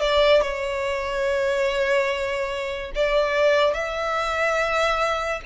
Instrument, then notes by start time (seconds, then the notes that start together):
violin
0.00 D5
0.42 C#5
2.95 D5
3.73 E5